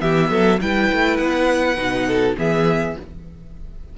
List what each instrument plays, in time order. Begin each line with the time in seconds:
0.00 cello E3, viola B3, violin G4 E5
0.31 cello F#3, violin A4
0.62 cello G3, viola E4, violin B4 G5
0.93 cello A3
1.17 cello B3, violin F#5
1.77 cello B2, viola D#4
2.07 violin A4
2.38 cello E3, viola B3, violin G#4 E5